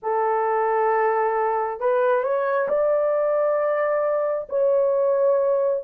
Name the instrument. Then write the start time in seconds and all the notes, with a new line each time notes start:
horn
0.02 A4
1.80 B4
2.23 C#5
2.68 D5
4.49 C#5